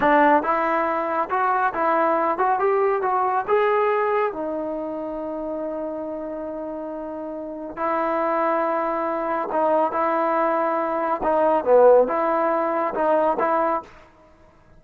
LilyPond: \new Staff \with { instrumentName = "trombone" } { \time 4/4 \tempo 4 = 139 d'4 e'2 fis'4 | e'4. fis'8 g'4 fis'4 | gis'2 dis'2~ | dis'1~ |
dis'2 e'2~ | e'2 dis'4 e'4~ | e'2 dis'4 b4 | e'2 dis'4 e'4 | }